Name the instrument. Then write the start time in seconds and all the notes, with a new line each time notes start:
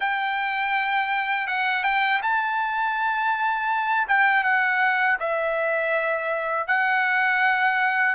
trumpet
0.00 G5
1.46 F#5
1.83 G5
2.22 A5
4.07 G5
4.43 F#5
5.19 E5
6.67 F#5